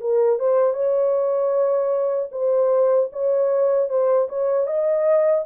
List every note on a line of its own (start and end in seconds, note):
0.00 0.39 A#4
0.39 0.73 C5
0.73 2.29 C#5
2.31 3.09 C5
3.12 3.89 C#5
3.89 4.28 C5
4.29 4.66 C#5
4.66 5.44 D#5